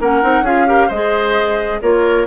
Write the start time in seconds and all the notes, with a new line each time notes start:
0.00 A#3 C#4 A#4 F#5
0.22 C4 D#4
0.41 C#4 F4 G#4 F5
0.67 G4 A#4
0.88 G#3 C5 D#5
0.94 G#4
1.82 A#3 F4 A#4 C#5